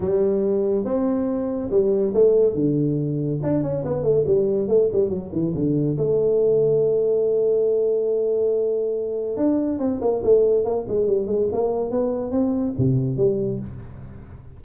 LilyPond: \new Staff \with { instrumentName = "tuba" } { \time 4/4 \tempo 4 = 141 g2 c'2 | g4 a4 d2 | d'8 cis'8 b8 a8 g4 a8 g8 | fis8 e8 d4 a2~ |
a1~ | a2 d'4 c'8 ais8 | a4 ais8 gis8 g8 gis8 ais4 | b4 c'4 c4 g4 | }